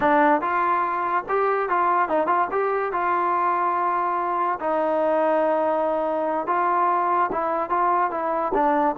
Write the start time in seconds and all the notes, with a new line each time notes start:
0.00 D4
0.41 F4
1.29 G4
1.69 F4
2.08 D#4
2.27 F4
2.51 G4
2.92 F4
4.59 D#4
6.47 F4
7.31 E4
7.69 F4
8.10 E4
8.53 D4